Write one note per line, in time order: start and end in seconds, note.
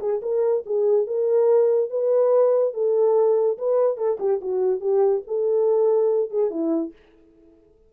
0.00 0.21 G#4
0.22 0.64 A#4
0.66 1.07 G#4
1.07 1.90 A#4
1.90 2.74 B4
2.74 3.58 A4
3.58 3.97 B4
3.97 4.18 A4
4.20 4.41 G4
4.41 4.81 F#4
4.81 5.23 G4
5.28 6.31 A4
6.31 6.51 G#4
6.51 6.92 E4